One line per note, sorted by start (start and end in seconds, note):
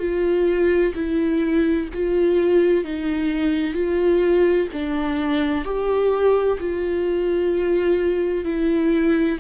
0.00 0.94 F4
0.95 1.89 E4
1.94 2.85 F4
2.85 3.74 D#4
3.74 4.68 F4
4.73 5.65 D4
5.65 6.59 G4
6.60 8.45 F4
8.45 9.38 E4